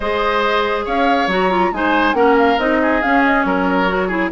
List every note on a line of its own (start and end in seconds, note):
0.00 0.85 G#3
0.00 1.29 G#4
0.00 0.85 C5
0.00 0.84 D#5
0.85 1.27 C#4
0.85 1.71 C#5
0.85 1.29 F5
1.27 1.70 F#3
1.27 1.51 F#4
1.27 1.73 A#5
1.51 1.72 F4
1.72 2.13 G#3
1.72 2.14 D#4
1.72 2.16 C5
1.72 2.14 G#5
2.13 2.56 A#3
2.13 2.57 C#4
2.13 2.80 A#4
2.13 2.36 F#5
2.37 2.59 F5
2.58 3.01 C4
2.58 3.02 D#4
2.58 3.02 D#5
2.82 3.46 G#4
3.02 3.88 C#4
3.02 3.44 C#4
3.02 3.23 F5
3.25 3.42 D#5
3.42 4.31 F#3
3.42 4.07 A#4
3.42 4.28 C#5
3.88 4.09 F#4
4.07 4.31 E4
4.07 4.29 G#4